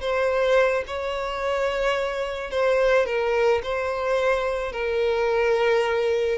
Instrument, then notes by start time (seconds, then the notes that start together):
violin
0.00 C5
0.87 C#5
2.50 C5
3.05 A#4
3.63 C5
4.72 A#4